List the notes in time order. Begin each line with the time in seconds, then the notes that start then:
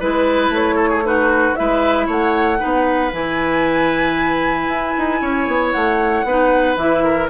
0.00 G#3 E4 B4
0.49 A3 C#5
0.75 A4
0.89 G#4
1.04 D#4 F#4 B4
1.55 G#3 E4 B4 E5
2.07 A3 C#5 F#5
2.59 B3 D#4 B4
3.13 E3 E4 G#5
4.68 E4
4.98 D#4
5.21 C#4 C#5
5.47 B3
5.72 A3 F#5
6.24 B3 D#4 B4
6.77 E3 E4 E5
7.04 A#4